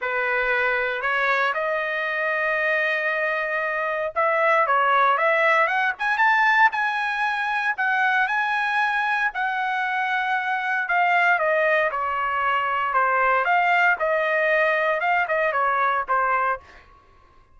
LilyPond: \new Staff \with { instrumentName = "trumpet" } { \time 4/4 \tempo 4 = 116 b'2 cis''4 dis''4~ | dis''1 | e''4 cis''4 e''4 fis''8 gis''8 | a''4 gis''2 fis''4 |
gis''2 fis''2~ | fis''4 f''4 dis''4 cis''4~ | cis''4 c''4 f''4 dis''4~ | dis''4 f''8 dis''8 cis''4 c''4 | }